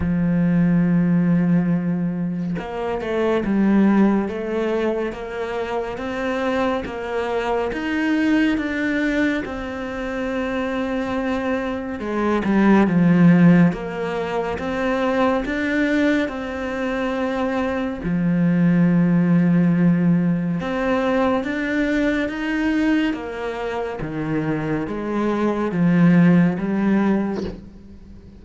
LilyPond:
\new Staff \with { instrumentName = "cello" } { \time 4/4 \tempo 4 = 70 f2. ais8 a8 | g4 a4 ais4 c'4 | ais4 dis'4 d'4 c'4~ | c'2 gis8 g8 f4 |
ais4 c'4 d'4 c'4~ | c'4 f2. | c'4 d'4 dis'4 ais4 | dis4 gis4 f4 g4 | }